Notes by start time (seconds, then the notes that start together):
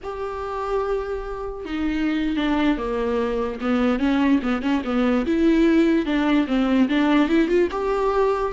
0.03 G4
1.65 D#4
2.36 D4
2.77 A#3
3.60 B3
3.99 C#4
4.42 B3
4.62 C#4
4.84 B3
5.25 E4
6.05 D4
6.47 C4
6.88 D4
7.28 E4
7.47 F4
7.71 G4